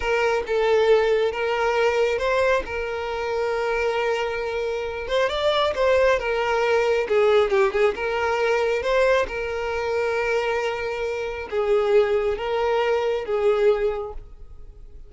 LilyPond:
\new Staff \with { instrumentName = "violin" } { \time 4/4 \tempo 4 = 136 ais'4 a'2 ais'4~ | ais'4 c''4 ais'2~ | ais'2.~ ais'8 c''8 | d''4 c''4 ais'2 |
gis'4 g'8 gis'8 ais'2 | c''4 ais'2.~ | ais'2 gis'2 | ais'2 gis'2 | }